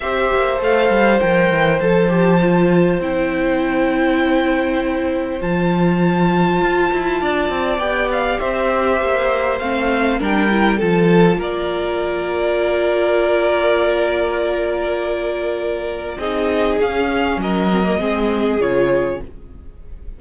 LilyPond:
<<
  \new Staff \with { instrumentName = "violin" } { \time 4/4 \tempo 4 = 100 e''4 f''4 g''4 a''4~ | a''4 g''2.~ | g''4 a''2.~ | a''4 g''8 f''8 e''2 |
f''4 g''4 a''4 d''4~ | d''1~ | d''2. dis''4 | f''4 dis''2 cis''4 | }
  \new Staff \with { instrumentName = "violin" } { \time 4/4 c''1~ | c''1~ | c''1 | d''2 c''2~ |
c''4 ais'4 a'4 ais'4~ | ais'1~ | ais'2. gis'4~ | gis'4 ais'4 gis'2 | }
  \new Staff \with { instrumentName = "viola" } { \time 4/4 g'4 a'4 ais'4 a'8 g'8 | f'4 e'2.~ | e'4 f'2.~ | f'4 g'2. |
c'4 d'8 e'8 f'2~ | f'1~ | f'2. dis'4 | cis'4. c'16 ais16 c'4 f'4 | }
  \new Staff \with { instrumentName = "cello" } { \time 4/4 c'8 ais8 a8 g8 f8 e8 f4~ | f4 c'2.~ | c'4 f2 f'8 e'8 | d'8 c'8 b4 c'4 ais4 |
a4 g4 f4 ais4~ | ais1~ | ais2. c'4 | cis'4 fis4 gis4 cis4 | }
>>